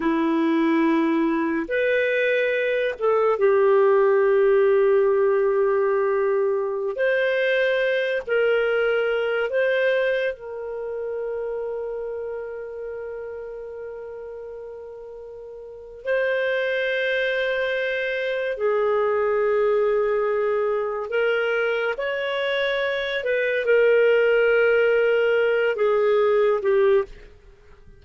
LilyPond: \new Staff \with { instrumentName = "clarinet" } { \time 4/4 \tempo 4 = 71 e'2 b'4. a'8 | g'1~ | g'16 c''4. ais'4. c''8.~ | c''16 ais'2.~ ais'8.~ |
ais'2. c''4~ | c''2 gis'2~ | gis'4 ais'4 cis''4. b'8 | ais'2~ ais'8 gis'4 g'8 | }